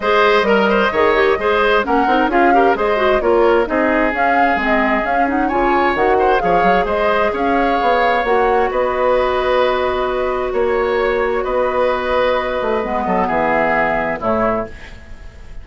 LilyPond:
<<
  \new Staff \with { instrumentName = "flute" } { \time 4/4 \tempo 4 = 131 dis''1 | fis''4 f''4 dis''4 cis''4 | dis''4 f''4 dis''4 f''8 fis''8 | gis''4 fis''4 f''4 dis''4 |
f''2 fis''4 dis''4~ | dis''2. cis''4~ | cis''4 dis''2.~ | dis''4 e''2 cis''4 | }
  \new Staff \with { instrumentName = "oboe" } { \time 4/4 c''4 ais'8 c''8 cis''4 c''4 | ais'4 gis'8 ais'8 c''4 ais'4 | gis'1 | cis''4. c''8 cis''4 c''4 |
cis''2. b'4~ | b'2. cis''4~ | cis''4 b'2.~ | b'8 a'8 gis'2 e'4 | }
  \new Staff \with { instrumentName = "clarinet" } { \time 4/4 gis'4 ais'4 gis'8 g'8 gis'4 | cis'8 dis'8 f'8 g'8 gis'8 fis'8 f'4 | dis'4 cis'4 c'4 cis'8 dis'8 | f'4 fis'4 gis'2~ |
gis'2 fis'2~ | fis'1~ | fis'1 | b2. a4 | }
  \new Staff \with { instrumentName = "bassoon" } { \time 4/4 gis4 g4 dis4 gis4 | ais8 c'8 cis'4 gis4 ais4 | c'4 cis'4 gis4 cis'4 | cis4 dis4 f8 fis8 gis4 |
cis'4 b4 ais4 b4~ | b2. ais4~ | ais4 b2~ b8 a8 | gis8 fis8 e2 a,4 | }
>>